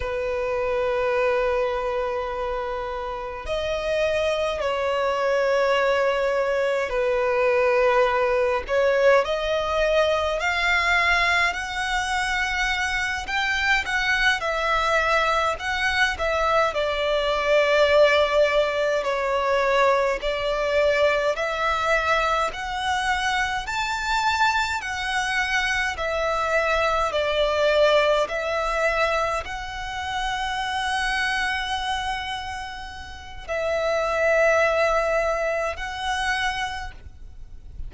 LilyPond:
\new Staff \with { instrumentName = "violin" } { \time 4/4 \tempo 4 = 52 b'2. dis''4 | cis''2 b'4. cis''8 | dis''4 f''4 fis''4. g''8 | fis''8 e''4 fis''8 e''8 d''4.~ |
d''8 cis''4 d''4 e''4 fis''8~ | fis''8 a''4 fis''4 e''4 d''8~ | d''8 e''4 fis''2~ fis''8~ | fis''4 e''2 fis''4 | }